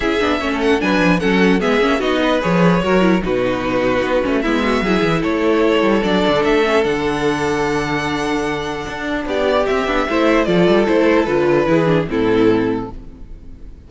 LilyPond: <<
  \new Staff \with { instrumentName = "violin" } { \time 4/4 \tempo 4 = 149 e''4. fis''8 gis''4 fis''4 | e''4 dis''4 cis''2 | b'2. e''4~ | e''4 cis''2 d''4 |
e''4 fis''2.~ | fis''2. d''4 | e''2 d''4 c''4 | b'2 a'2 | }
  \new Staff \with { instrumentName = "violin" } { \time 4/4 gis'4 cis''16 a'8. b'4 a'4 | gis'4 fis'8 b'4. ais'4 | fis'2. e'8 fis'8 | gis'4 a'2.~ |
a'1~ | a'2. g'4~ | g'4 c''4 a'2~ | a'4 gis'4 e'2 | }
  \new Staff \with { instrumentName = "viola" } { \time 4/4 e'8 d'8 cis'4 d'4 cis'4 | b8 cis'8 dis'4 gis'4 fis'8 e'8 | dis'2~ dis'8 cis'8 b4 | e'2. d'4~ |
d'8 cis'8 d'2.~ | d'1 | c'8 d'8 e'4 f'4 e'4 | f'4 e'8 d'8 c'2 | }
  \new Staff \with { instrumentName = "cello" } { \time 4/4 cis'8 b8 a4 fis8 f8 fis4 | gis8 ais8 b4 f4 fis4 | b,2 b8 a8 gis4 | fis8 e8 a4. g8 fis8 d8 |
a4 d2.~ | d2 d'4 b4 | c'8 b8 a4 f8 g8 a4 | d4 e4 a,2 | }
>>